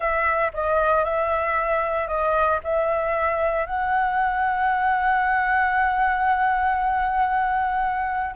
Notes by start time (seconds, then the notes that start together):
0.00 E5
0.53 D#5
1.04 E5
2.07 D#5
2.63 E5
3.66 F#5